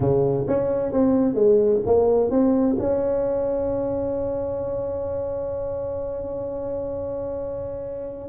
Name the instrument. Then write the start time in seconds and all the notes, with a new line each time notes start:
tuba
0.00 C#3
0.47 C#4
0.92 C4
1.34 G#3
1.86 A#3
2.30 C4
2.78 C#4